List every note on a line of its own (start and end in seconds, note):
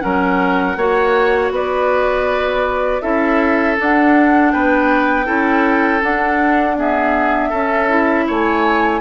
0.00 0.76 F#3
0.00 0.75 C#4
0.00 0.77 A#4
0.00 1.50 F#5
0.76 1.51 A#3
0.76 3.01 F#4
0.76 1.52 C#5
1.51 3.01 B3
1.51 3.02 B4
1.51 3.01 D5
3.01 3.77 C#4
3.01 3.76 E4
3.01 4.52 A4
3.01 3.76 E5
3.77 5.25 D4
3.77 4.54 D4
3.77 4.52 F#5
4.52 5.27 B3
4.52 5.26 B4
4.52 6.02 G5
5.25 6.02 C#4
5.25 6.00 E4
5.25 6.76 A4
6.00 6.75 D4
6.00 7.52 D4
6.00 6.77 F#5
6.76 7.51 B3
6.76 7.49 G#4
6.76 8.29 E5
7.49 8.27 C#4
7.49 7.89 C#4
7.49 8.24 A4
7.89 9.01 E4
8.27 9.01 A3
8.27 9.01 C#5
8.27 9.01 G#5